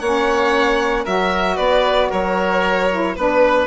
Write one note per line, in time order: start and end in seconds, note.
0.00 1.06 A#3
0.00 1.06 C#4
0.00 1.05 C#5
0.00 1.05 F#5
1.05 1.59 F#3
1.05 2.90 F#4
1.05 1.57 A#4
1.05 1.57 E5
1.57 2.11 B3
1.57 2.09 B4
1.57 2.10 D5
2.11 3.17 F#3
2.11 3.16 A#4
2.11 3.16 C#5
2.91 3.17 E4
3.16 3.67 B3
3.16 3.67 D4
3.16 3.67 B4